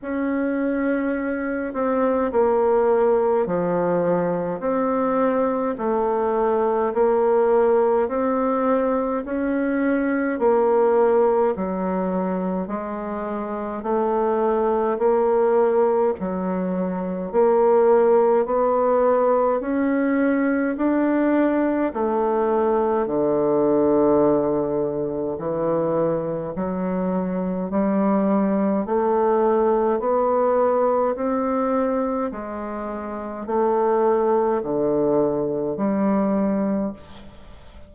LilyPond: \new Staff \with { instrumentName = "bassoon" } { \time 4/4 \tempo 4 = 52 cis'4. c'8 ais4 f4 | c'4 a4 ais4 c'4 | cis'4 ais4 fis4 gis4 | a4 ais4 fis4 ais4 |
b4 cis'4 d'4 a4 | d2 e4 fis4 | g4 a4 b4 c'4 | gis4 a4 d4 g4 | }